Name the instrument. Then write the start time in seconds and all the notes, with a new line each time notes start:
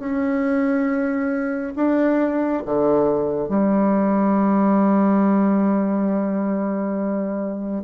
bassoon
0.00 C#4
1.76 D4
2.66 D3
3.49 G3